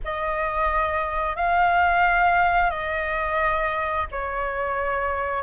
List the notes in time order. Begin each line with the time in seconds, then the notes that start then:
0.04 D#5
1.35 F5
2.70 D#5
4.11 C#5